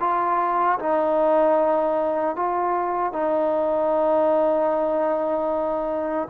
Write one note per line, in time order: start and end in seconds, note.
0.00 0.79 F4
0.79 2.36 D#4
2.36 3.13 F4
3.13 6.28 D#4